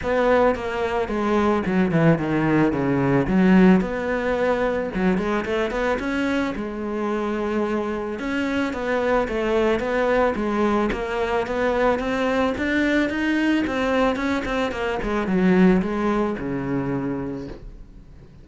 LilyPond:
\new Staff \with { instrumentName = "cello" } { \time 4/4 \tempo 4 = 110 b4 ais4 gis4 fis8 e8 | dis4 cis4 fis4 b4~ | b4 fis8 gis8 a8 b8 cis'4 | gis2. cis'4 |
b4 a4 b4 gis4 | ais4 b4 c'4 d'4 | dis'4 c'4 cis'8 c'8 ais8 gis8 | fis4 gis4 cis2 | }